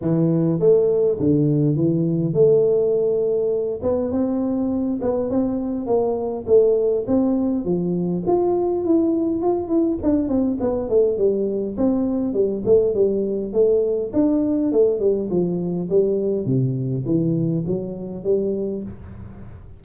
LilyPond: \new Staff \with { instrumentName = "tuba" } { \time 4/4 \tempo 4 = 102 e4 a4 d4 e4 | a2~ a8 b8 c'4~ | c'8 b8 c'4 ais4 a4 | c'4 f4 f'4 e'4 |
f'8 e'8 d'8 c'8 b8 a8 g4 | c'4 g8 a8 g4 a4 | d'4 a8 g8 f4 g4 | c4 e4 fis4 g4 | }